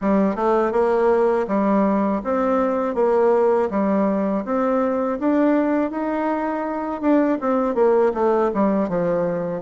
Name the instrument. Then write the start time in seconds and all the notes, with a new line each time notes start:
bassoon
0.01 G3
0.35 A3
0.72 A#3
1.47 G3
2.24 C4
2.95 A#3
3.70 G3
4.44 C4
5.19 D4
5.91 D#4
7.01 D4
7.40 C4
7.74 A#3
8.14 A3
8.54 G3
8.88 F3